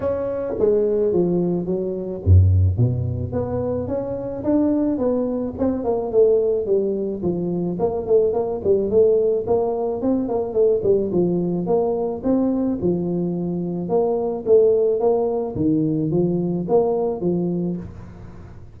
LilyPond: \new Staff \with { instrumentName = "tuba" } { \time 4/4 \tempo 4 = 108 cis'4 gis4 f4 fis4 | fis,4 b,4 b4 cis'4 | d'4 b4 c'8 ais8 a4 | g4 f4 ais8 a8 ais8 g8 |
a4 ais4 c'8 ais8 a8 g8 | f4 ais4 c'4 f4~ | f4 ais4 a4 ais4 | dis4 f4 ais4 f4 | }